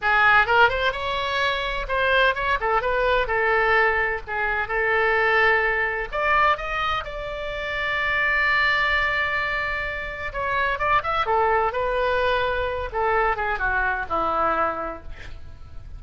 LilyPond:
\new Staff \with { instrumentName = "oboe" } { \time 4/4 \tempo 4 = 128 gis'4 ais'8 c''8 cis''2 | c''4 cis''8 a'8 b'4 a'4~ | a'4 gis'4 a'2~ | a'4 d''4 dis''4 d''4~ |
d''1~ | d''2 cis''4 d''8 e''8 | a'4 b'2~ b'8 a'8~ | a'8 gis'8 fis'4 e'2 | }